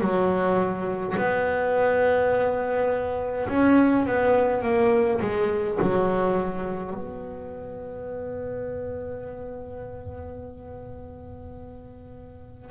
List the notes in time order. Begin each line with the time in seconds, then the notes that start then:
0.00 F#3
1.17 B3
3.48 C#4
4.06 B3
4.63 A#3
5.21 G#3
5.82 F#3
6.93 B3